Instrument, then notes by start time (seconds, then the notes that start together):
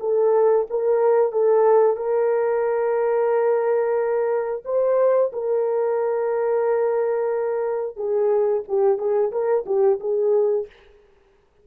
horn
0.00 A4
0.70 A#4
1.32 A4
1.96 A#4
4.65 C5
5.32 A#4
7.96 G#4
8.68 G4
8.98 G#4
9.31 A#4
9.66 G4
10.00 G#4